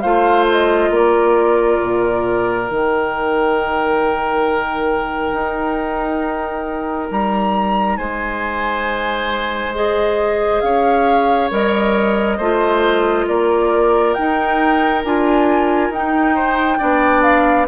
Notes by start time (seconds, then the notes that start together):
0.00 A3 F4 C5 F5
0.51 D#5
0.90 A#3 A#4 D5
1.82 A#2
2.65 D#3 D#4
2.71 G5
5.33 D#4
7.10 G3 A#5
7.97 G#3 C5 G#5
9.74 G#4 D#5
10.61 C#4 C#5 F5
11.50 G3 A#4 D#5
12.37 A3 F4 C5
13.27 A#3 A#4 D5
14.14 D#4 G5
15.04 D4 F4 G#5
15.89 D#4 G5
16.35 C5
16.78 B3 D4 D5
17.22 F5